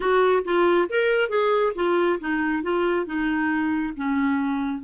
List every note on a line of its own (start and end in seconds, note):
0.00 0.43 F#4
0.44 0.88 F4
0.89 1.29 A#4
1.29 1.72 G#4
1.75 2.19 F4
2.19 2.63 D#4
2.63 3.06 F4
3.06 3.93 D#4
3.96 4.83 C#4